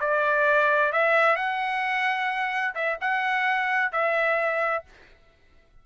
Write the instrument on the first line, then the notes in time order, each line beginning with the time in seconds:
trumpet
0.00 D5
0.92 E5
1.36 F#5
2.75 E5
3.01 F#5
3.92 E5